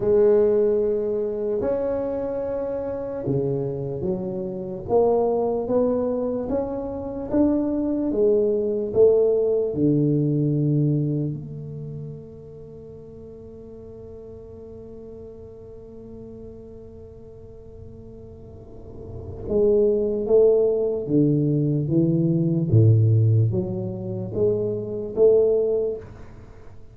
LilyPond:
\new Staff \with { instrumentName = "tuba" } { \time 4/4 \tempo 4 = 74 gis2 cis'2 | cis4 fis4 ais4 b4 | cis'4 d'4 gis4 a4 | d2 a2~ |
a1~ | a1 | gis4 a4 d4 e4 | a,4 fis4 gis4 a4 | }